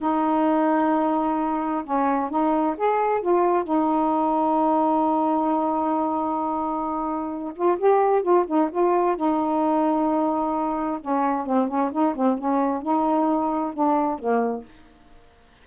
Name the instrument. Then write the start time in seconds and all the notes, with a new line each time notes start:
saxophone
0.00 D#4
1.84 C#4
2.30 D#4
2.77 G#4
3.21 F4
3.64 D#4
7.55 F4
7.78 G4
8.22 F4
8.47 D#4
8.71 F4
9.16 D#4
11.00 C#4
11.45 C4
11.68 C#4
11.92 D#4
12.15 C4
12.37 C#4
12.81 D#4
13.73 D4
14.18 A#3